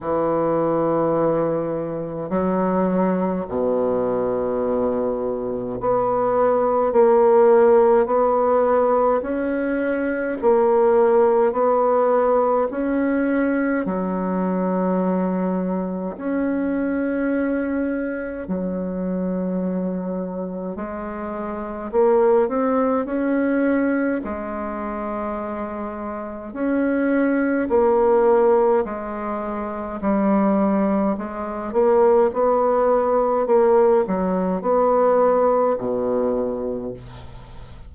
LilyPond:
\new Staff \with { instrumentName = "bassoon" } { \time 4/4 \tempo 4 = 52 e2 fis4 b,4~ | b,4 b4 ais4 b4 | cis'4 ais4 b4 cis'4 | fis2 cis'2 |
fis2 gis4 ais8 c'8 | cis'4 gis2 cis'4 | ais4 gis4 g4 gis8 ais8 | b4 ais8 fis8 b4 b,4 | }